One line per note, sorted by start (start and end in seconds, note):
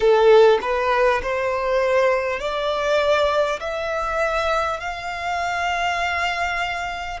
0.00 0.58 A4
0.61 1.21 B4
1.22 2.39 C5
2.39 3.59 D5
3.60 4.80 E5
4.80 7.20 F5